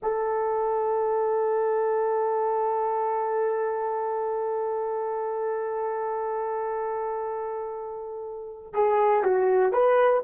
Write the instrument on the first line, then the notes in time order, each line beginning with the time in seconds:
horn
0.02 A4
8.73 G#4
9.23 F#4
9.72 B4